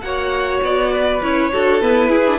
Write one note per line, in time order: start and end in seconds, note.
0.00 0.61 A#3
0.00 1.22 F#4
0.00 0.92 C#5
0.00 0.59 F#5
0.62 1.21 B3
0.62 1.22 D5
0.92 1.51 B4
1.22 1.51 C#4
1.22 1.52 E4
1.22 1.81 C#5
1.52 1.82 D4
1.52 1.81 F#4
1.52 2.09 A4
1.81 2.10 B3
1.81 2.38 E4
1.81 2.38 B4
2.09 2.25 E4
2.09 2.38 G#4
2.26 2.38 D4